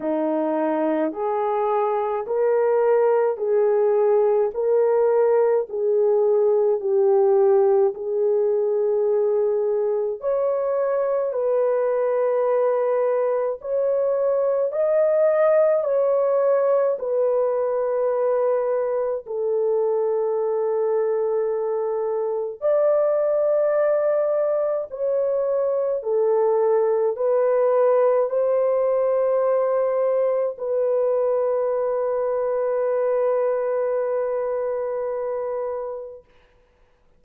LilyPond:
\new Staff \with { instrumentName = "horn" } { \time 4/4 \tempo 4 = 53 dis'4 gis'4 ais'4 gis'4 | ais'4 gis'4 g'4 gis'4~ | gis'4 cis''4 b'2 | cis''4 dis''4 cis''4 b'4~ |
b'4 a'2. | d''2 cis''4 a'4 | b'4 c''2 b'4~ | b'1 | }